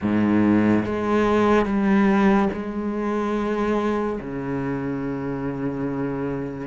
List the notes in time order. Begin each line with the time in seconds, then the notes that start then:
0.01 G#2
0.85 G#3
1.65 G3
2.52 G#3
4.20 C#3